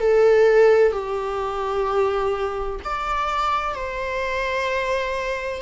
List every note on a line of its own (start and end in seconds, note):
0.00 0.92 A4
0.92 2.80 G4
2.84 3.75 D5
3.75 5.62 C5